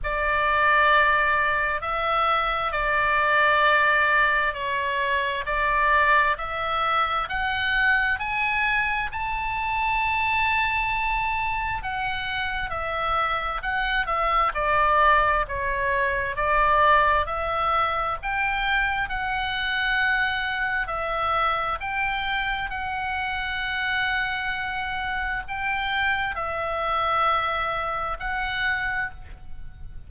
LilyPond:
\new Staff \with { instrumentName = "oboe" } { \time 4/4 \tempo 4 = 66 d''2 e''4 d''4~ | d''4 cis''4 d''4 e''4 | fis''4 gis''4 a''2~ | a''4 fis''4 e''4 fis''8 e''8 |
d''4 cis''4 d''4 e''4 | g''4 fis''2 e''4 | g''4 fis''2. | g''4 e''2 fis''4 | }